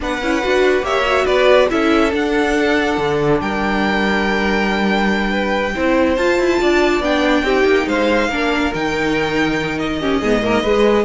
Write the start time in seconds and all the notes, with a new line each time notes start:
0.00 B3 D4 B4 F#5
0.21 C#4 E4
0.42 D4 F#4
0.82 A#3 G4 C#5 E5
1.06 F#4
1.24 B3 B4 D5
1.70 C#4 E4 A4 E5
2.10 D4 F#5
2.97 D3
3.40 G3 A#4 G5
5.30 B4
5.74 C4 E4 C5
6.16 F4 A5
6.38 E4
6.60 D4 D5
7.00 B3 D4 G5
7.42 C4 D#4 G4
7.65 A#3
7.87 G#3 C5 F5
8.28 A#3 D4 A#4
8.73 D#3 D#4 G5
9.78 D#5
10.01 C#4 G4
10.20 G#2 B3 G#4
10.42 A#3 A#4
10.61 G#3 B4